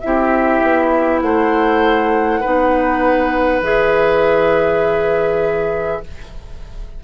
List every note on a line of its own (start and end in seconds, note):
0.00 0.62 C4
0.00 2.43 E4
0.00 1.20 E5
0.06 1.24 G4
0.62 1.22 B3
1.22 2.42 A3
1.22 2.41 C5
1.22 3.62 F#5
2.41 3.61 B3
2.41 3.63 D#4
2.41 6.00 B4
3.61 6.01 E3
3.61 6.03 G#4
3.61 6.04 E5